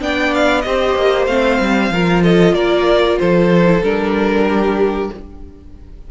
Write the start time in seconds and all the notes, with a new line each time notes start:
0.00 B3 D4 D5 G5
0.34 F5
0.61 C4 G4 C5 D#5
0.95 A#3
1.26 A3 C4 F5
1.60 G3
1.90 F3 F4 A#4
2.23 A4 D#5
2.53 A#3 A#4 D5
3.19 F3 A4 C5
3.65 E4
3.82 G3 D4 A#4
4.47 G4